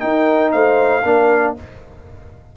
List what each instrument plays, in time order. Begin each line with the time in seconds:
0.00 trombone D#4, tuba D#4, horn A#4, trumpet G5
0.52 tuba A3, horn C5, trumpet F5
1.05 tuba A#3, trombone D4, horn A#4